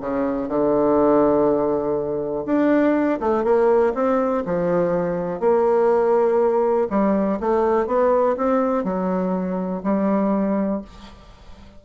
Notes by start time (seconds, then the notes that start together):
0.00 C#3
0.48 D3
2.46 D4
3.20 A3
3.44 A#3
3.94 C4
4.45 F3
5.40 A#3
6.90 G3
7.39 A3
7.86 B3
8.36 C4
8.84 F#3
9.83 G3